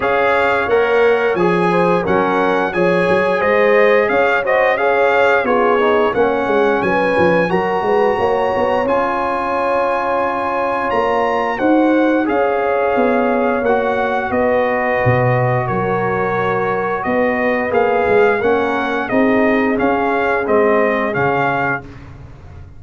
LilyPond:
<<
  \new Staff \with { instrumentName = "trumpet" } { \time 4/4 \tempo 4 = 88 f''4 fis''4 gis''4 fis''4 | gis''4 dis''4 f''8 dis''8 f''4 | cis''4 fis''4 gis''4 ais''4~ | ais''4 gis''2. |
ais''4 fis''4 f''2 | fis''4 dis''2 cis''4~ | cis''4 dis''4 f''4 fis''4 | dis''4 f''4 dis''4 f''4 | }
  \new Staff \with { instrumentName = "horn" } { \time 4/4 cis''2~ cis''8 c''8 ais'4 | cis''4 c''4 cis''8 c''8 cis''4 | gis'4 cis''4 b'4 ais'8 b'8 | cis''1~ |
cis''4 c''4 cis''2~ | cis''4 b'2 ais'4~ | ais'4 b'2 ais'4 | gis'1 | }
  \new Staff \with { instrumentName = "trombone" } { \time 4/4 gis'4 ais'4 gis'4 cis'4 | gis'2~ gis'8 fis'8 gis'4 | f'8 dis'8 cis'2 fis'4~ | fis'4 f'2.~ |
f'4 fis'4 gis'2 | fis'1~ | fis'2 gis'4 cis'4 | dis'4 cis'4 c'4 cis'4 | }
  \new Staff \with { instrumentName = "tuba" } { \time 4/4 cis'4 ais4 f4 fis4 | f8 fis8 gis4 cis'2 | b4 ais8 gis8 fis8 f8 fis8 gis8 | ais8 b8 cis'2. |
ais4 dis'4 cis'4 b4 | ais4 b4 b,4 fis4~ | fis4 b4 ais8 gis8 ais4 | c'4 cis'4 gis4 cis4 | }
>>